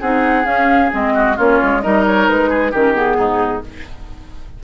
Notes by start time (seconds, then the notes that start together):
0.00 C4 D#4 G#4 F#5
0.43 C#4 F5
0.91 G#3 C4 D#5
1.14 F#4
1.36 A#3 C#4 F4 C#5
1.62 G#3
1.82 G3 D#4 A#4 D#5
2.06 C#5
2.28 G#3 B4
2.49 G#4
2.71 D#3 C#4 G4 A#4
2.93 B3 G#4
3.17 G#2 D#4